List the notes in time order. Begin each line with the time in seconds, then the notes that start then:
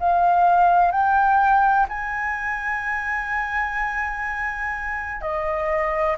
0.00 F5
0.92 G5
1.89 G#5
5.22 D#5